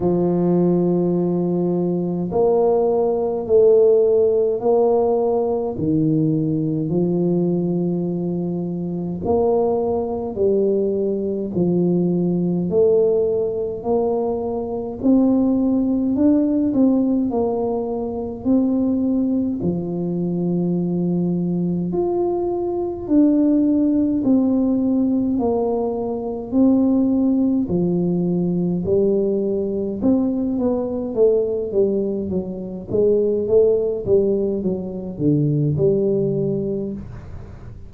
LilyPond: \new Staff \with { instrumentName = "tuba" } { \time 4/4 \tempo 4 = 52 f2 ais4 a4 | ais4 dis4 f2 | ais4 g4 f4 a4 | ais4 c'4 d'8 c'8 ais4 |
c'4 f2 f'4 | d'4 c'4 ais4 c'4 | f4 g4 c'8 b8 a8 g8 | fis8 gis8 a8 g8 fis8 d8 g4 | }